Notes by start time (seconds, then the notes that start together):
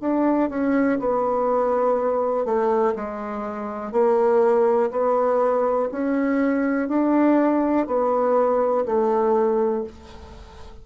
0.00 D4
0.49 C#4
0.99 B3
2.45 A3
2.95 G#3
3.92 A#3
4.90 B3
5.91 C#4
6.88 D4
7.86 B3
8.85 A3